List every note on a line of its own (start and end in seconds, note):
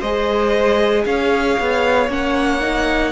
0.00 1.06 G#3
0.00 2.10 G#4
0.00 1.03 C5
0.00 1.05 D#5
1.06 1.58 C#4
1.06 3.12 C#5
1.06 2.09 F5
1.60 2.09 B3
2.09 3.12 A#3
2.09 2.61 C#4
2.09 3.12 F#5
2.61 3.12 D#4